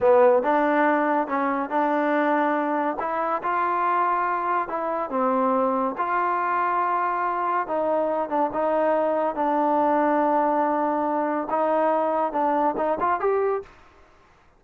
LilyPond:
\new Staff \with { instrumentName = "trombone" } { \time 4/4 \tempo 4 = 141 b4 d'2 cis'4 | d'2. e'4 | f'2. e'4 | c'2 f'2~ |
f'2 dis'4. d'8 | dis'2 d'2~ | d'2. dis'4~ | dis'4 d'4 dis'8 f'8 g'4 | }